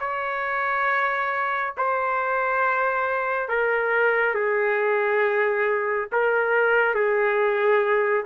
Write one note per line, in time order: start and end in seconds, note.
0.00 1.74 C#5
1.77 3.48 C5
3.48 4.34 A#4
4.34 6.08 G#4
6.12 6.94 A#4
6.94 8.25 G#4